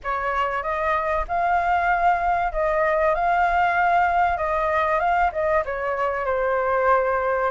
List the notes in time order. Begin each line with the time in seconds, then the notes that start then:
0.03 C#5
0.62 D#5
1.28 F5
2.52 D#5
3.14 F5
4.37 D#5
4.99 F5
5.32 D#5
5.65 C#5
6.25 C5